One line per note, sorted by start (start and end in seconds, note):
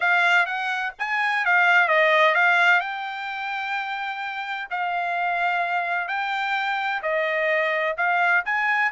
0.00 0.46 F5
0.46 0.92 F#5
0.98 1.45 G#5
1.45 1.87 F5
1.87 2.34 D#5
2.34 2.80 F5
2.80 4.67 G5
4.70 6.07 F5
6.07 7.01 G5
7.02 7.96 D#5
7.97 8.44 F5
8.45 8.92 G#5